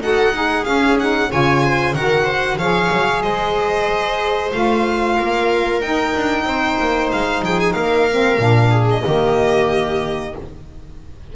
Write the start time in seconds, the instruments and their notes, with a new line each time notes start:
0.00 double bass D#4, saxophone F#4, viola A4, violin F#5
0.33 saxophone D#4, viola G#4
0.64 saxophone C#4, double bass C#4, violin F5
0.99 saxophone D#4, violin F#5
1.30 double bass C#3, saxophone F4, viola C#5, violin G#5
1.65 viola C5
1.94 double bass D#3, saxophone F#4, viola A#4, violin F#5
2.24 viola C5
2.57 double bass F3, saxophone G#4, viola C#5, violin F5
2.92 double bass F#3
3.22 double bass G#3, viola C5, violin D#5
4.51 double bass A3, saxophone F4, violin F5
5.16 double bass A#3, viola A#4
5.81 double bass D#4, saxophone D#4, violin G5
6.16 double bass D4
6.44 double bass C4, viola C5
6.79 double bass A#3
7.11 double bass G#3, violin F5
7.42 double bass F3, viola G#4, violin G5
7.60 violin G#5
7.72 double bass A#3, viola A#4, violin F5
8.10 saxophone C4
8.38 double bass A#2, saxophone D4
8.71 viola G#4
8.90 violin D#5
9.04 double bass D#3, saxophone A#3, viola G4